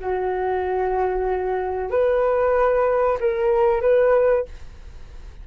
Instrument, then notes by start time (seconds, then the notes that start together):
flute
0.00 F#4
1.90 B4
3.20 A#4
3.81 B4